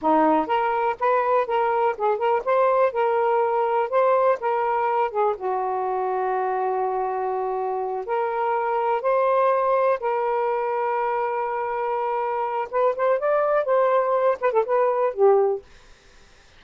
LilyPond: \new Staff \with { instrumentName = "saxophone" } { \time 4/4 \tempo 4 = 123 dis'4 ais'4 b'4 ais'4 | gis'8 ais'8 c''4 ais'2 | c''4 ais'4. gis'8 fis'4~ | fis'1~ |
fis'8 ais'2 c''4.~ | c''8 ais'2.~ ais'8~ | ais'2 b'8 c''8 d''4 | c''4. b'16 a'16 b'4 g'4 | }